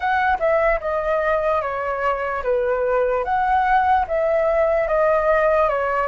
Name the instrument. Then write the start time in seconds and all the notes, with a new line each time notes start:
flute
0.00 F#5
0.39 E5
0.80 D#5
1.61 C#5
2.43 B4
3.24 F#5
4.07 E5
4.87 D#5
5.69 C#5